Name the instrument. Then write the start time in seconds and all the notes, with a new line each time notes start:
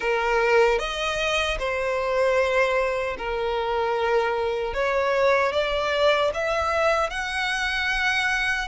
violin
0.00 A#4
0.79 D#5
1.59 C5
3.18 A#4
4.73 C#5
5.52 D5
6.34 E5
7.09 F#5